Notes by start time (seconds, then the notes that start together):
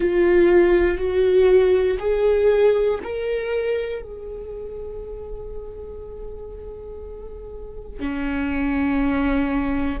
0.00 F4
0.97 F#4
1.99 G#4
3.03 A#4
4.01 G#4
7.99 C#4